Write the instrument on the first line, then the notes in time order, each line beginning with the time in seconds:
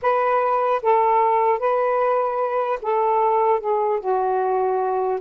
saxophone
0.02 B4
0.82 A4
1.59 B4
2.82 A4
3.60 G#4
4.00 F#4